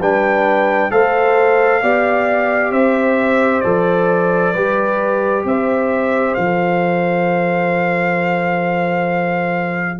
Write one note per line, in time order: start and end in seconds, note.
0.00 0.91 G3
0.00 0.91 D4
0.00 0.91 B4
0.00 0.91 G5
0.91 1.82 A3
0.91 1.82 A4
0.91 1.82 C5
0.91 2.72 F5
1.82 2.71 B3
1.82 3.63 G4
1.82 2.72 D5
2.71 3.62 C4
2.71 4.53 C5
2.71 3.61 E5
3.61 4.54 F3
3.61 4.54 A4
3.61 5.42 D5
4.53 5.45 G3
4.53 6.37 G4
4.53 5.44 B4
5.45 6.35 C4
5.45 10.00 C5
5.45 6.34 E5
6.34 10.00 F3
6.34 10.00 A4
6.34 9.98 F5